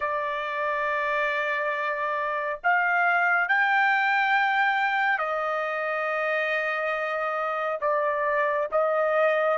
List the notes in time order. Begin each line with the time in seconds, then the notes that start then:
0.00 D5
2.63 F5
3.48 G5
5.18 D#5
7.80 D5
8.72 D#5